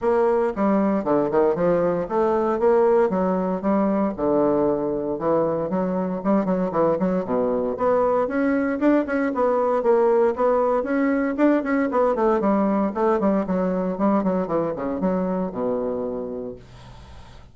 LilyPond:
\new Staff \with { instrumentName = "bassoon" } { \time 4/4 \tempo 4 = 116 ais4 g4 d8 dis8 f4 | a4 ais4 fis4 g4 | d2 e4 fis4 | g8 fis8 e8 fis8 b,4 b4 |
cis'4 d'8 cis'8 b4 ais4 | b4 cis'4 d'8 cis'8 b8 a8 | g4 a8 g8 fis4 g8 fis8 | e8 cis8 fis4 b,2 | }